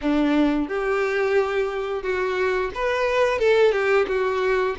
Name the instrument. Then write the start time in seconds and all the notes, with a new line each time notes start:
violin
0.01 D4
0.68 G4
2.02 F#4
2.74 B4
3.38 A4
3.72 G4
4.07 F#4